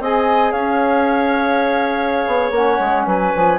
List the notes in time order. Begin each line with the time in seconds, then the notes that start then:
0.00 C4 G#4 D#5 G#5
0.51 C#4 C#5 F5
2.27 B3
2.50 A#3 C#4 F#5
2.80 G#3
3.06 F#3 B4 G#5
3.35 F3